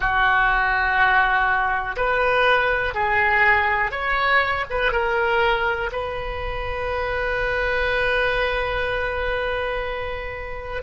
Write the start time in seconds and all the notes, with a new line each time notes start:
0.00 F#4
1.96 B4
2.94 G#4
3.91 C#5
4.69 B4
4.92 A#4
5.92 B4